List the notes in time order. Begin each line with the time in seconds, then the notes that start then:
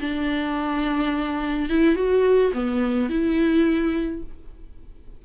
0.00 D4
1.69 E4
1.95 F#4
2.53 B3
3.09 E4